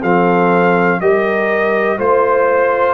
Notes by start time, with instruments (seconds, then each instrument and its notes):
0.00 tuba F3, trombone C4, horn A4, trumpet F5
1.00 tuba G3, trombone G4, horn A#4, trumpet D#5
1.98 tuba A3, trombone F4, horn C5, trumpet C5